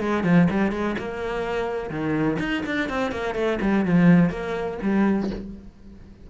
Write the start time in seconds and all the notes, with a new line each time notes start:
0.00 G#3
0.24 F3
0.51 G3
0.72 G#3
0.99 A#3
1.90 D#3
2.40 D#4
2.67 D4
2.90 C4
3.12 A#3
3.35 A3
3.62 G3
3.86 F3
4.30 A#3
4.82 G3